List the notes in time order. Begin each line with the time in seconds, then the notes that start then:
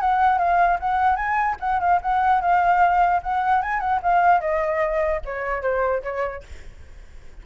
0.00 F#5
0.38 F5
0.79 F#5
1.15 G#5
1.60 F#5
1.80 F5
2.02 F#5
2.41 F5
3.22 F#5
3.62 G#5
3.80 F#5
4.02 F5
4.40 D#5
5.25 C#5
5.62 C5
6.02 C#5